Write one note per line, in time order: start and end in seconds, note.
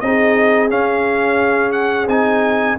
0.00 0.70 C4
0.00 0.70 D#4
0.00 2.79 G#4
0.00 0.69 D#5
0.70 2.07 C#4
0.70 1.72 F5
1.72 2.06 F#5
2.07 2.76 C4
2.07 2.78 D#4
2.07 2.78 G#5